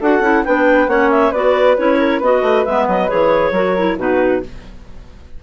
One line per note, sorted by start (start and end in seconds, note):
0.00 0.20 D4
0.00 0.23 F#4
0.00 0.44 A4
0.00 0.44 F#5
0.20 0.42 C#4
0.20 0.45 E4
0.44 0.87 B3
0.44 0.88 D4
0.44 0.89 B4
0.44 0.88 G5
0.87 1.32 A#3
0.87 1.32 C#4
0.87 1.31 C#5
0.87 1.10 F#5
1.10 1.32 E5
1.31 1.77 B3
1.31 1.77 F#4
1.31 1.97 B4
1.31 1.77 D5
1.77 2.21 C#4
1.77 2.21 E4
1.77 2.21 C#5
1.99 2.18 A#4
2.18 2.42 B3
2.18 2.66 F#4
2.18 3.51 B4
2.18 2.65 D#5
2.42 2.64 A3
2.65 2.87 G#3
2.65 3.08 B3
2.65 2.87 E5
2.87 3.09 F#3
2.87 3.09 D#5
3.08 3.51 E3
3.08 3.52 G#4
3.08 3.97 C#5
3.51 3.95 F#3
3.51 3.77 F#4
3.51 3.97 A#4
3.77 3.97 E4
3.97 4.42 B2
3.97 4.41 D#4
3.97 4.43 F#4
3.97 4.43 B4